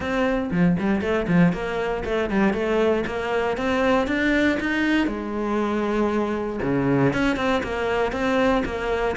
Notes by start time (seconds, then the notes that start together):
0.00 C4
0.51 F3
0.79 G3
1.01 A3
1.27 F3
1.53 A#3
2.04 A3
2.30 G3
2.53 A3
3.06 A#3
3.57 C4
4.07 D4
4.60 D#4
5.07 G#3
6.62 C#3
7.13 C#4
7.36 C4
7.63 A#3
8.12 C4
8.65 A#3